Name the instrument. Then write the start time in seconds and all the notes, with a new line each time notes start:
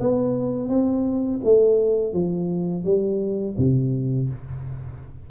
tuba
0.00 B3
0.69 C4
1.44 A3
2.13 F3
2.84 G3
3.58 C3